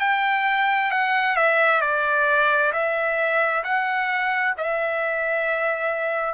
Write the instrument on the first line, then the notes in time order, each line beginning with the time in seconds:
trumpet
0.00 G5
0.90 F#5
1.36 E5
1.81 D5
2.72 E5
3.63 F#5
4.57 E5